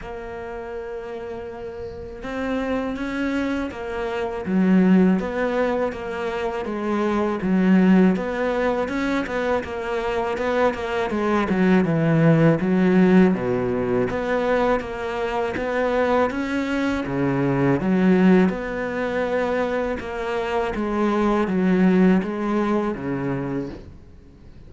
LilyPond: \new Staff \with { instrumentName = "cello" } { \time 4/4 \tempo 4 = 81 ais2. c'4 | cis'4 ais4 fis4 b4 | ais4 gis4 fis4 b4 | cis'8 b8 ais4 b8 ais8 gis8 fis8 |
e4 fis4 b,4 b4 | ais4 b4 cis'4 cis4 | fis4 b2 ais4 | gis4 fis4 gis4 cis4 | }